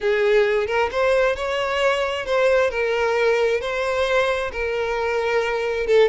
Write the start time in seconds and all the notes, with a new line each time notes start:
0.01 G#4
0.66 A#4
0.91 C5
1.35 C#5
2.25 C5
2.70 A#4
3.60 C5
4.52 A#4
5.86 A4